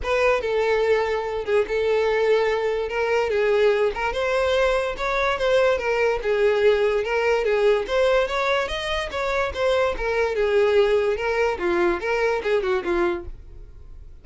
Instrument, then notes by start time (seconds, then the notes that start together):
violin
0.03 B4
0.41 A4
1.45 G#4
1.68 A4
2.89 A#4
3.30 G#4
3.94 A#4
4.12 C5
4.97 C#5
5.38 C5
5.78 A#4
6.22 G#4
7.03 A#4
7.44 G#4
7.87 C5
8.27 C#5
8.68 D#5
9.11 C#5
9.54 C5
9.97 A#4
10.35 G#4
11.16 A#4
11.59 F4
12.00 A#4
12.43 G#4
12.62 F#4
12.84 F4